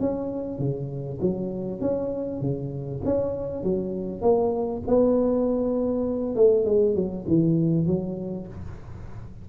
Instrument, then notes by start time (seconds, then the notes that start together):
tuba
0.00 C#4
0.59 C#3
1.21 F#3
1.81 C#4
2.41 C#3
3.05 C#4
3.63 F#3
4.21 A#3
4.87 B3
6.36 A3
6.66 G#3
6.95 F#3
7.28 E3
7.87 F#3